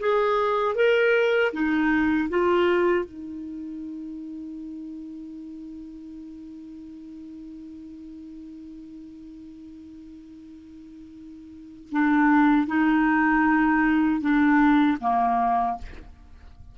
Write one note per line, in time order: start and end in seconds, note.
0.00 0.75 G#4
0.75 1.52 A#4
1.53 2.29 D#4
2.29 3.05 F4
3.05 11.90 D#4
11.92 12.67 D4
12.67 14.21 D#4
14.21 14.98 D4
15.01 15.78 A#3